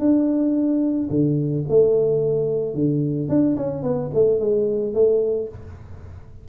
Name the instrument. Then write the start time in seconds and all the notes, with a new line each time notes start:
tuba
0.00 D4
1.10 D3
1.69 A3
2.75 D3
3.29 D4
3.57 C#4
3.83 B3
4.14 A3
4.40 G#3
4.94 A3